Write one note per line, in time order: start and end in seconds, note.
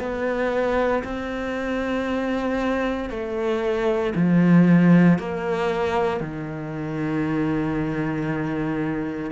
0.00 1.03 B3
1.04 3.10 C4
3.10 4.14 A3
4.16 5.19 F3
5.19 6.21 A#3
6.21 9.31 D#3